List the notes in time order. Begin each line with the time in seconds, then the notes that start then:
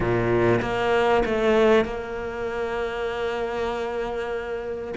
0.00 A#2
0.61 A#3
1.25 A3
1.84 A#3